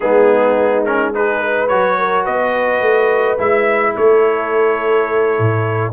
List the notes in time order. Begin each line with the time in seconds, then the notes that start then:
0.00 G#3 B3 D#4 G#4
0.85 C#4 A#4
1.14 D#4 G#4 B4
1.41 B4
1.68 F#3 F#4 C#5
1.98 A#4
2.23 B3 B4 D#5
2.81 A3
3.38 G#3 E4 E5
3.96 A3 A4 C#5
5.38 A2